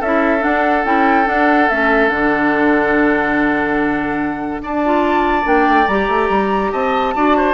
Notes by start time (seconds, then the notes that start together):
0.00 C#4 E4 A4 E5
0.39 D4 F#5
0.85 C#4 E4 G5
1.26 D4 F#5
1.69 A3 C#4 E5
2.09 D3 D4 F#5
4.63 D4 D5 A5
4.85 F4
5.43 A#3 D4 G5
5.68 A3
5.87 G3 G4 A#5
6.08 A3
6.30 G3
6.72 C4 D#5 A5
7.15 D4 F#4 D5
7.37 C5